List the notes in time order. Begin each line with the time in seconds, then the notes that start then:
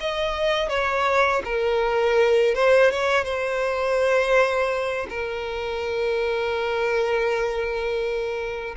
0.00 D#5
0.69 C#5
1.45 A#4
2.55 C5
2.91 C#5
3.24 C5
5.09 A#4